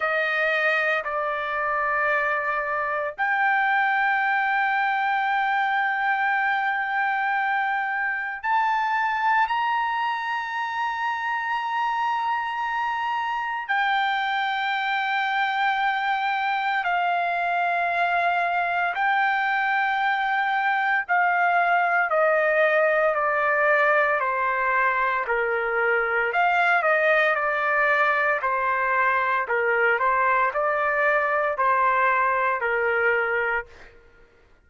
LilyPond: \new Staff \with { instrumentName = "trumpet" } { \time 4/4 \tempo 4 = 57 dis''4 d''2 g''4~ | g''1 | a''4 ais''2.~ | ais''4 g''2. |
f''2 g''2 | f''4 dis''4 d''4 c''4 | ais'4 f''8 dis''8 d''4 c''4 | ais'8 c''8 d''4 c''4 ais'4 | }